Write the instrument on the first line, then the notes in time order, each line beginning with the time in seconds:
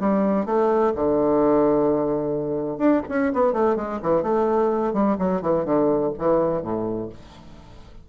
bassoon
0.00 G3
0.46 A3
0.95 D3
2.78 D4
3.09 C#4
3.33 B3
3.53 A3
3.76 G#3
4.02 E3
4.23 A3
4.93 G3
5.19 F#3
5.42 E3
5.65 D3
6.19 E3
6.62 A2